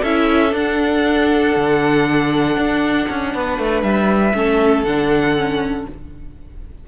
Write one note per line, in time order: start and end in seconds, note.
0.00 0.53 C#4
0.00 0.49 E4
0.00 3.31 A4
0.00 0.54 E5
0.49 4.31 D4
0.49 1.55 D4
0.56 3.82 F#5
1.55 2.56 D3
2.56 3.07 D4
3.09 3.34 C#4
3.34 3.58 B3
3.34 4.35 B4
3.58 3.82 A3
3.82 4.33 G3
3.82 4.83 E5
4.33 4.83 A3
4.33 4.84 C#4
4.33 5.88 A4
4.83 5.85 D3
4.83 5.36 D4
4.83 5.85 F#5
5.36 5.87 C#4